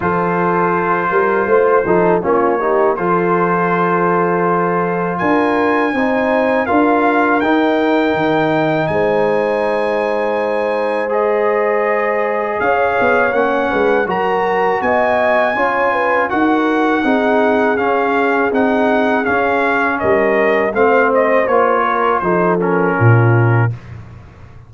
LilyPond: <<
  \new Staff \with { instrumentName = "trumpet" } { \time 4/4 \tempo 4 = 81 c''2. cis''4 | c''2. gis''4~ | gis''4 f''4 g''2 | gis''2. dis''4~ |
dis''4 f''4 fis''4 ais''4 | gis''2 fis''2 | f''4 fis''4 f''4 dis''4 | f''8 dis''8 cis''4 c''8 ais'4. | }
  \new Staff \with { instrumentName = "horn" } { \time 4/4 a'4. ais'8 c''8 a'8 f'8 g'8 | a'2. ais'4 | c''4 ais'2. | c''1~ |
c''4 cis''4. b'8 ais'4 | dis''4 cis''8 b'8 ais'4 gis'4~ | gis'2. ais'4 | c''4. ais'8 a'4 f'4 | }
  \new Staff \with { instrumentName = "trombone" } { \time 4/4 f'2~ f'8 dis'8 cis'8 dis'8 | f'1 | dis'4 f'4 dis'2~ | dis'2. gis'4~ |
gis'2 cis'4 fis'4~ | fis'4 f'4 fis'4 dis'4 | cis'4 dis'4 cis'2 | c'4 f'4 dis'8 cis'4. | }
  \new Staff \with { instrumentName = "tuba" } { \time 4/4 f4. g8 a8 f8 ais4 | f2. d'4 | c'4 d'4 dis'4 dis4 | gis1~ |
gis4 cis'8 b8 ais8 gis8 fis4 | b4 cis'4 dis'4 c'4 | cis'4 c'4 cis'4 g4 | a4 ais4 f4 ais,4 | }
>>